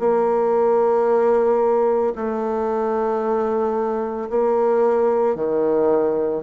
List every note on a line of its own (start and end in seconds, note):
0.00 2.14 A#3
2.16 4.30 A3
4.30 5.36 A#3
5.36 6.43 D#3